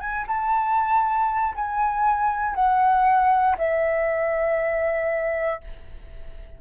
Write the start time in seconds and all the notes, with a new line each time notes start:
0.00 G#5
0.27 A5
1.55 G#5
2.55 F#5
3.57 E5